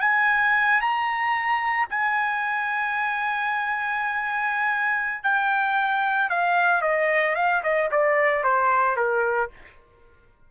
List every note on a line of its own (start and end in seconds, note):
0.00 0.80 G#5
0.81 1.88 A#5
1.89 5.23 G#5
5.23 6.29 G5
6.29 6.81 F5
6.81 7.35 D#5
7.35 7.62 F5
7.63 7.90 D#5
7.91 8.44 D5
8.44 8.96 C5
8.96 9.50 A#4